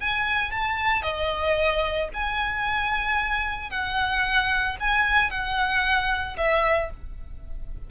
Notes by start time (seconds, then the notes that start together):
0.00 G#5
0.51 A5
1.03 D#5
2.14 G#5
3.70 F#5
4.80 G#5
5.30 F#5
6.37 E5